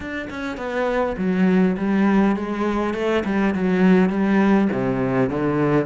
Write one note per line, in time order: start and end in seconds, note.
0.00 0.28 D4
0.30 0.57 C#4
0.57 1.16 B3
1.17 1.76 F#3
1.77 2.36 G3
2.36 2.94 G#3
2.94 3.23 A3
3.25 3.54 G3
3.54 4.09 F#3
4.09 4.68 G3
4.72 5.29 C3
5.29 5.86 D3